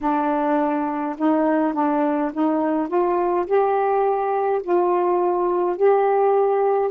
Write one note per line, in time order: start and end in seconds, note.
0.00 1.15 D4
1.18 1.73 D#4
1.73 2.31 D4
2.33 2.88 D#4
2.88 3.46 F4
3.46 4.62 G4
4.63 5.76 F4
5.76 6.91 G4